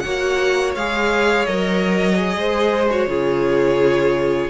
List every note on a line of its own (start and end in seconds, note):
0.00 0.76 A#3
0.00 0.76 F#4
0.00 2.36 C#5
0.00 0.71 F#5
0.75 1.47 G#3
0.75 1.48 G#4
0.75 1.46 F5
1.46 2.36 F#3
1.46 2.15 A#4
1.46 2.89 D#5
2.15 2.87 G#4
2.36 3.07 G#3
2.36 3.09 C5
2.90 3.07 F#4
2.90 4.50 C#5
3.07 4.50 C#3
3.07 4.50 F4
3.07 4.50 G#4